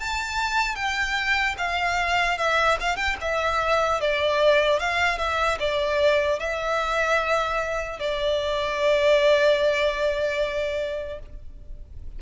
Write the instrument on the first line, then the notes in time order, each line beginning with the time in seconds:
violin
0.00 A5
0.76 G5
1.58 F5
2.38 E5
2.80 F5
2.96 G5
3.21 E5
4.01 D5
4.80 F5
5.18 E5
5.60 D5
6.40 E5
8.00 D5